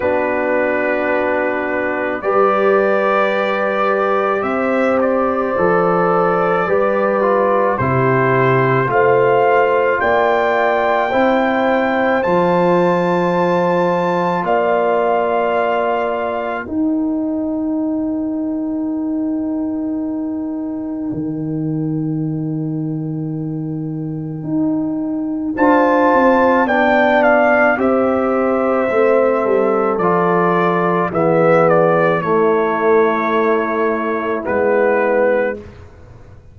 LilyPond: <<
  \new Staff \with { instrumentName = "trumpet" } { \time 4/4 \tempo 4 = 54 b'2 d''2 | e''8 d''2~ d''8 c''4 | f''4 g''2 a''4~ | a''4 f''2 g''4~ |
g''1~ | g''2. a''4 | g''8 f''8 e''2 d''4 | e''8 d''8 cis''2 b'4 | }
  \new Staff \with { instrumentName = "horn" } { \time 4/4 fis'2 b'2 | c''2 b'4 g'4 | c''4 d''4 c''2~ | c''4 d''2 ais'4~ |
ais'1~ | ais'2. c''4 | d''4 c''4. a'4. | gis'4 e'2. | }
  \new Staff \with { instrumentName = "trombone" } { \time 4/4 d'2 g'2~ | g'4 a'4 g'8 f'8 e'4 | f'2 e'4 f'4~ | f'2. dis'4~ |
dis'1~ | dis'2. f'4 | d'4 g'4 c'4 f'4 | b4 a2 b4 | }
  \new Staff \with { instrumentName = "tuba" } { \time 4/4 b2 g2 | c'4 f4 g4 c4 | a4 ais4 c'4 f4~ | f4 ais2 dis'4~ |
dis'2. dis4~ | dis2 dis'4 d'8 c'8 | b4 c'4 a8 g8 f4 | e4 a2 gis4 | }
>>